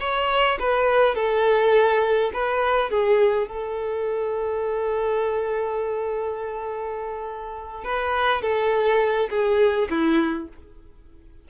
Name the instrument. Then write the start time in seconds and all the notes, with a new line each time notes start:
violin
0.00 C#5
0.59 B4
1.15 A4
2.33 B4
2.90 G#4
3.47 A4
7.84 B4
8.42 A4
9.29 G#4
9.89 E4